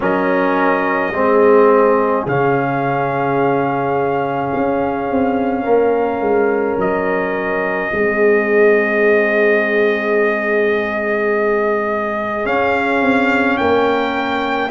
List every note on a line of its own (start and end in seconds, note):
0.00 1.13 F#3
0.00 1.12 C#4
0.00 1.13 A#4
0.00 2.27 D#5
1.13 2.25 G#3
1.13 2.26 C4
1.13 5.63 G#4
2.25 4.52 C#3
2.25 7.92 C#4
2.25 6.80 F5
4.54 5.10 C#4
5.10 5.65 C4
5.63 6.20 A#3
5.63 7.89 A#4
6.20 6.76 G#3
6.77 7.90 F#3
6.77 12.46 D#5
7.92 12.46 G#3
7.92 12.44 C4
7.92 13.59 G#4
12.44 14.71 C#4
12.44 13.01 C#4
12.44 13.57 F5
13.01 13.58 C4
13.57 14.71 A#3
13.57 14.71 A#4
13.57 14.70 G5